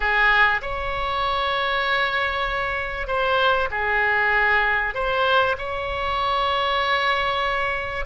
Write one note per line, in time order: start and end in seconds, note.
0.00 0.61 G#4
0.61 3.07 C#5
3.07 3.69 C5
3.71 4.94 G#4
4.94 5.56 C5
5.58 8.05 C#5